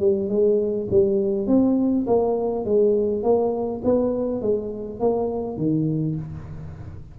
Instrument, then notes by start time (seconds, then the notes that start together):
tuba
0.00 G3
0.30 G#3
0.91 G3
1.48 C4
2.07 A#3
2.65 G#3
3.24 A#3
3.84 B3
4.42 G#3
5.00 A#3
5.57 D#3